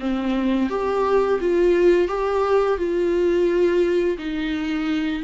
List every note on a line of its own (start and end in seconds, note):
0.00 0.70 C4
0.70 1.40 G4
1.41 2.08 F4
2.08 2.78 G4
2.78 4.18 F4
4.18 5.23 D#4